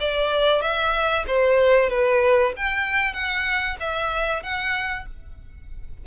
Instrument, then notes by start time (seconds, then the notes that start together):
violin
0.00 D5
0.61 E5
1.27 C5
1.89 B4
2.56 G5
3.13 F#5
3.80 E5
4.42 F#5